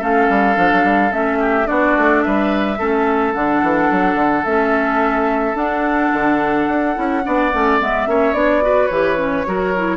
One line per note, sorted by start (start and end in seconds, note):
0.00 0.29 A3
0.00 0.55 C#4
0.00 1.39 A4
0.00 1.13 F5
0.30 0.57 G3
0.55 0.71 F3
0.55 1.11 D4
0.73 0.84 F#3
0.84 1.12 G3
1.11 1.68 A3
1.11 1.65 C#4
1.11 1.67 E5
1.40 1.68 G4
1.65 1.97 B3
1.65 2.76 D4
1.65 2.25 F#4
1.65 2.22 D5
1.97 2.25 A3
2.22 2.79 G3
2.22 2.79 B4
2.22 3.34 E5
2.79 3.35 A3
2.79 3.34 C#4
2.79 7.23 A4
3.34 3.62 D3
3.34 4.46 D4
3.34 4.45 F#5
3.62 3.90 E3
3.91 4.15 F#3
4.15 4.43 D3
4.45 5.55 A3
4.45 5.55 C#4
4.45 5.56 E5
5.55 6.10 D4
5.55 6.94 D4
5.55 7.80 F#5
6.13 6.68 D3
6.68 6.96 D4
6.95 7.26 C#4
6.95 7.23 E4
7.24 7.54 B3
7.24 7.52 D4
7.24 8.09 D5
7.53 7.81 A3
7.53 7.80 C#4
7.80 8.07 G#3
7.80 8.07 B3
7.80 8.34 E5
8.07 8.34 A#3
8.07 8.34 C#4
8.07 8.64 C#5
8.34 8.89 B3
8.34 8.62 D4
8.34 8.87 D5
8.62 8.90 F#4
8.62 9.48 B4
8.87 9.46 E3
8.87 9.17 G4
8.87 9.97 C#5
9.17 9.45 C#4
9.47 9.97 F#3
9.47 9.75 F#4
9.47 9.97 A#4
9.77 9.97 E4